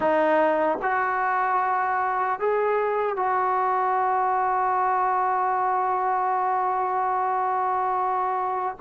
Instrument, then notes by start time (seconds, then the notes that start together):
trombone
0.00 D#4
0.81 F#4
2.39 G#4
3.16 F#4